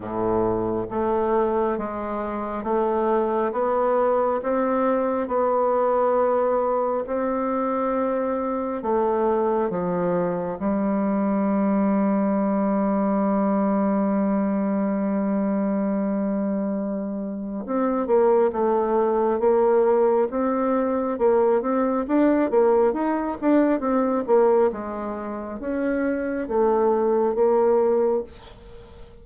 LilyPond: \new Staff \with { instrumentName = "bassoon" } { \time 4/4 \tempo 4 = 68 a,4 a4 gis4 a4 | b4 c'4 b2 | c'2 a4 f4 | g1~ |
g1 | c'8 ais8 a4 ais4 c'4 | ais8 c'8 d'8 ais8 dis'8 d'8 c'8 ais8 | gis4 cis'4 a4 ais4 | }